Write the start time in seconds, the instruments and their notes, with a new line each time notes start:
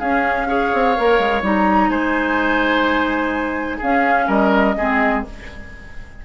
0.00 bassoon C#4, clarinet C#4, oboe G#4, flute F5
0.48 clarinet G#4, oboe C#5
0.74 bassoon C4
0.97 bassoon A#3, clarinet A#4
1.19 bassoon G#3
1.43 bassoon G3, clarinet D#4, flute A#5
1.89 bassoon G#3, oboe C5, flute G#5
3.78 clarinet C#4, bassoon C#4, oboe G#4, flute F5
4.28 bassoon G3, oboe A#4, flute D#5
4.78 bassoon G#3, clarinet C4, oboe G#4